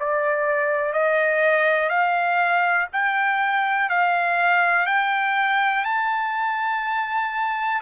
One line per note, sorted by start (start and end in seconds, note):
0.00 0.93 D5
0.93 1.89 D#5
1.89 2.87 F5
2.93 3.89 G5
3.89 4.86 F5
4.86 5.85 G5
5.85 7.82 A5